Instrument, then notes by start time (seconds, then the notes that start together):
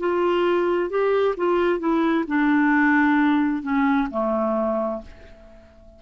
clarinet
0.00 F4
0.90 G4
1.37 F4
1.79 E4
2.27 D4
3.63 C#4
4.11 A3